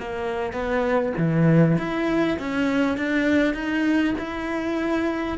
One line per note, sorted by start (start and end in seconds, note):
0.00 0.53 A#3
0.53 1.13 B3
1.18 1.78 E3
1.78 2.38 E4
2.39 2.98 C#4
2.98 3.55 D4
3.55 4.15 D#4
4.19 5.38 E4